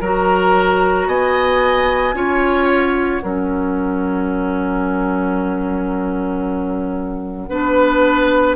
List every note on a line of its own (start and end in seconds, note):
0.00 1.07 F#3
0.00 2.14 F#4
0.00 1.07 A#4
0.00 1.08 A#5
1.07 2.13 B3
1.07 2.15 D#5
1.07 2.67 G#5
2.13 3.21 C#4
2.13 3.21 F4
2.13 3.23 C#5
2.67 8.56 F#5
3.23 7.49 F#3
3.23 7.51 C#4
3.23 7.49 A#4
7.49 8.56 B3
7.49 8.56 D4
7.49 8.56 B4